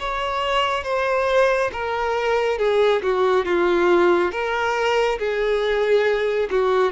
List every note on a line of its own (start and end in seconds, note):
0.00 0.84 C#5
0.84 1.71 C5
1.73 2.59 A#4
2.59 3.02 G#4
3.03 3.45 F#4
3.45 4.32 F4
4.32 5.19 A#4
5.19 6.49 G#4
6.51 6.92 F#4